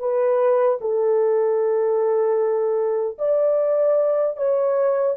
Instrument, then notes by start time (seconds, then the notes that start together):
horn
0.00 B4
0.81 A4
3.19 D5
4.37 C#5